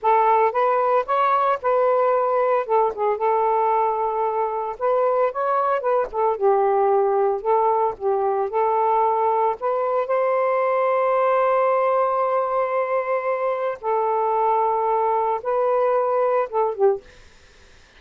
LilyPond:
\new Staff \with { instrumentName = "saxophone" } { \time 4/4 \tempo 4 = 113 a'4 b'4 cis''4 b'4~ | b'4 a'8 gis'8 a'2~ | a'4 b'4 cis''4 b'8 a'8 | g'2 a'4 g'4 |
a'2 b'4 c''4~ | c''1~ | c''2 a'2~ | a'4 b'2 a'8 g'8 | }